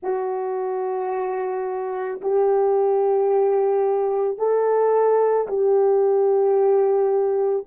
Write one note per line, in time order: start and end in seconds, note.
0.02 2.21 F#4
2.21 4.38 G4
4.38 5.47 A4
5.47 7.66 G4